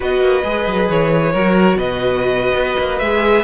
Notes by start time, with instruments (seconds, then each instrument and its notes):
0.00 cello B3, viola F#4, violin B4 D#5
0.20 cello A#3
0.43 cello G#3, viola G#4
0.66 cello F#3
0.89 cello E3, violin C#5
1.32 cello F#3, viola F#4, violin A#4
1.75 cello B2, violin B4 D#5
2.54 cello B3
2.78 cello A#3
2.99 cello G#3, viola G#4, violin E5